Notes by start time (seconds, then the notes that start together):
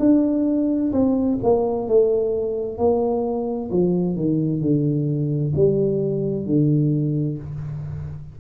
0.00 D4
0.93 C4
1.43 A#3
1.88 A3
2.78 A#3
3.71 F3
4.17 D#3
4.62 D3
5.56 G3
6.47 D3